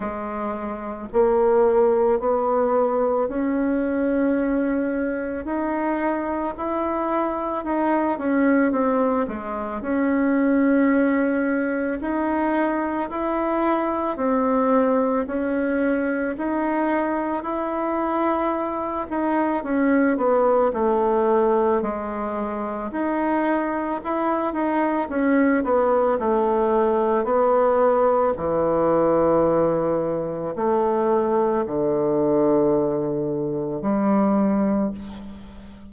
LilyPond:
\new Staff \with { instrumentName = "bassoon" } { \time 4/4 \tempo 4 = 55 gis4 ais4 b4 cis'4~ | cis'4 dis'4 e'4 dis'8 cis'8 | c'8 gis8 cis'2 dis'4 | e'4 c'4 cis'4 dis'4 |
e'4. dis'8 cis'8 b8 a4 | gis4 dis'4 e'8 dis'8 cis'8 b8 | a4 b4 e2 | a4 d2 g4 | }